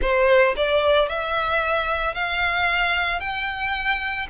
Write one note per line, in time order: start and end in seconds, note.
0.01 0.55 C5
0.56 1.09 D5
1.09 2.14 E5
2.14 3.19 F5
3.19 4.27 G5